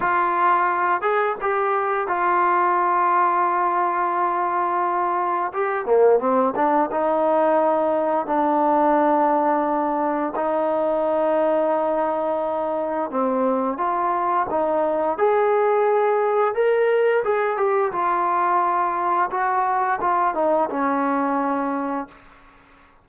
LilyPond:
\new Staff \with { instrumentName = "trombone" } { \time 4/4 \tempo 4 = 87 f'4. gis'8 g'4 f'4~ | f'1 | g'8 ais8 c'8 d'8 dis'2 | d'2. dis'4~ |
dis'2. c'4 | f'4 dis'4 gis'2 | ais'4 gis'8 g'8 f'2 | fis'4 f'8 dis'8 cis'2 | }